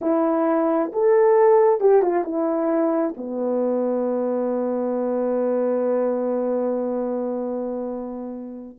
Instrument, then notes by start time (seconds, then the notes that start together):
horn
0.01 E4
0.92 A4
1.80 G4
2.02 F4
2.24 E4
3.17 B3